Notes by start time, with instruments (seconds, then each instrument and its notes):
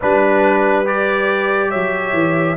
0.00 tuba G3, trombone D4, horn B4, trumpet B4
0.85 trombone G4, trumpet D5
1.69 tuba F#3, horn C#5, trumpet E5
2.13 tuba E3